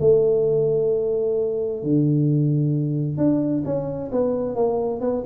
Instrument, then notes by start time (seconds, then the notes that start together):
tuba
0.00 A3
1.83 D3
3.17 D4
3.65 C#4
4.11 B3
4.55 A#3
5.00 B3